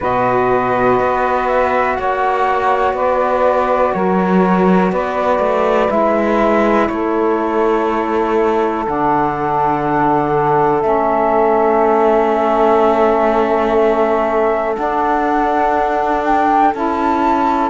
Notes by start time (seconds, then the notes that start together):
0.00 B2 F#4 B4 D#5
0.99 B3
1.47 E5
1.95 A#3 C#5 F#5
2.93 B3 B4 D5
3.93 F#3 A#4 C#5
4.91 B3 B4 D5
5.38 A3
5.89 G#3 E4 E5
6.87 A3 A4 C#5
8.86 D3 D4 F#5
10.81 A3 C#4 E5
14.75 D4 F#5
16.24 G5
16.74 C#4 E4 A5